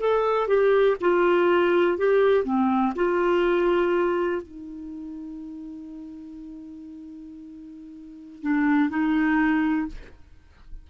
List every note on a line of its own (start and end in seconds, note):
0.00 0.48 A4
0.48 0.97 G4
1.01 1.98 F4
1.98 2.45 G4
2.45 2.94 C4
2.96 4.42 F4
4.42 8.42 D#4
8.42 8.90 D4
8.90 9.88 D#4